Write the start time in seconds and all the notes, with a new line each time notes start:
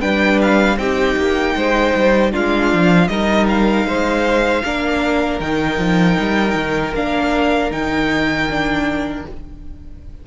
0.00 G3 D4 B4 G5
0.41 F5
0.76 C4 D#4 G4 G5
1.16 A#3
1.55 G#3 C5
1.94 G3
2.31 G#3 D4 F4 F5
2.73 F3
3.08 G3 D#4 A#4 D#5
3.47 F5
3.85 G#3 C5
4.64 A#3 D4 A#4
5.39 D#3 D#4 G5
5.78 F3
6.19 G3
6.55 D#3
6.94 A#3 D4 F5
7.70 D#3 D#4 G5
8.49 D4